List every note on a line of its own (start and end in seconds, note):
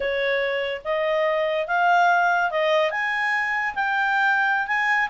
0.00 0.81 C#5
0.84 1.67 D#5
1.67 2.50 F5
2.50 2.91 D#5
2.91 3.74 G#5
3.74 4.67 G5
4.67 5.09 G#5